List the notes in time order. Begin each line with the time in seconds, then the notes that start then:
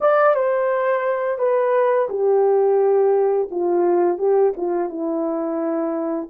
0.00 D5
0.35 C5
1.38 B4
2.09 G4
3.50 F4
4.18 G4
4.57 F4
4.89 E4